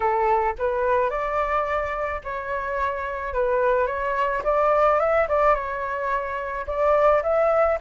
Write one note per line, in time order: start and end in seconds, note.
0.00 0.54 A4
0.58 1.10 B4
1.10 2.21 D5
2.23 3.33 C#5
3.33 3.87 B4
3.87 4.42 C#5
4.44 4.99 D5
4.99 5.27 E5
5.28 5.54 D5
5.54 6.65 C#5
6.66 7.22 D5
7.22 7.78 E5